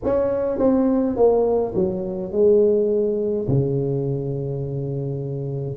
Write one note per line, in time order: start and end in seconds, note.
0.04 0.58 C#4
0.58 1.16 C4
1.16 1.74 A#3
1.74 2.32 F#3
2.32 3.47 G#3
3.48 5.77 C#3